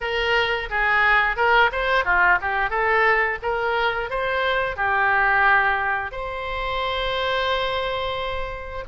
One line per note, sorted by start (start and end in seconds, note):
0.01 0.69 A#4
0.69 1.36 G#4
1.36 1.70 A#4
1.72 2.04 C5
2.04 2.38 F4
2.41 2.70 G4
2.70 3.38 A4
3.42 4.09 A#4
4.09 4.76 C5
4.76 6.11 G4
6.11 8.84 C5